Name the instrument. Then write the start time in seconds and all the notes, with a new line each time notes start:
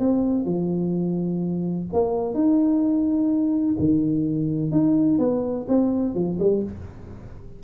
tuba
0.00 C4
0.46 F3
1.93 A#3
2.35 D#4
3.79 D#3
4.72 D#4
5.19 B3
5.69 C4
6.15 F3
6.40 G3